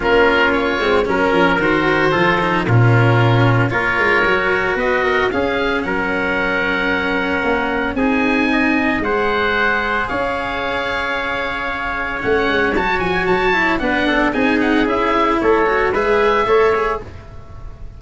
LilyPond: <<
  \new Staff \with { instrumentName = "oboe" } { \time 4/4 \tempo 4 = 113 ais'4 cis''4 ais'4 c''4~ | c''4 ais'2 cis''4~ | cis''4 dis''4 f''4 fis''4~ | fis''2. gis''4~ |
gis''4 fis''2 f''4~ | f''2. fis''4 | a''8 gis''8 a''4 fis''4 gis''8 fis''8 | e''4 cis''4 e''2 | }
  \new Staff \with { instrumentName = "trumpet" } { \time 4/4 f'2 ais'2 | a'4 f'2 ais'4~ | ais'4 b'8 ais'8 gis'4 ais'4~ | ais'2. gis'4 |
dis''4 c''2 cis''4~ | cis''1~ | cis''2 b'8 a'8 gis'4~ | gis'4 a'4 b'4 cis''4 | }
  \new Staff \with { instrumentName = "cello" } { \time 4/4 cis'4. c'8 cis'4 fis'4 | f'8 dis'8 cis'2 f'4 | fis'2 cis'2~ | cis'2. dis'4~ |
dis'4 gis'2.~ | gis'2. cis'4 | fis'4. e'8 d'4 dis'4 | e'4. fis'8 gis'4 a'8 gis'8 | }
  \new Staff \with { instrumentName = "tuba" } { \time 4/4 ais4. gis8 fis8 f8 dis4 | f4 ais,2 ais8 gis8 | fis4 b4 cis'4 fis4~ | fis2 ais4 c'4~ |
c'4 gis2 cis'4~ | cis'2. a8 gis8 | fis8 f8 fis4 b4 c'4 | cis'4 a4 gis4 a4 | }
>>